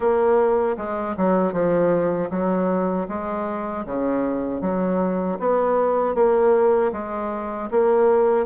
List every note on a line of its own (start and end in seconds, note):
0.00 0.77 A#3
0.77 1.15 G#3
1.17 1.52 F#3
1.52 2.29 F3
2.30 3.07 F#3
3.08 3.85 G#3
3.85 4.61 C#3
4.61 5.38 F#3
5.38 6.14 B3
6.14 6.91 A#3
6.92 7.69 G#3
7.71 8.46 A#3